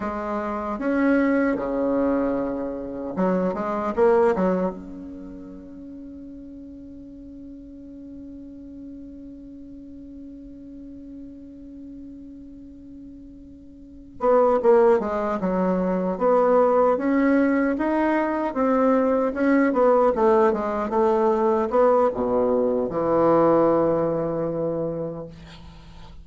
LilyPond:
\new Staff \with { instrumentName = "bassoon" } { \time 4/4 \tempo 4 = 76 gis4 cis'4 cis2 | fis8 gis8 ais8 fis8 cis'2~ | cis'1~ | cis'1~ |
cis'2 b8 ais8 gis8 fis8~ | fis8 b4 cis'4 dis'4 c'8~ | c'8 cis'8 b8 a8 gis8 a4 b8 | b,4 e2. | }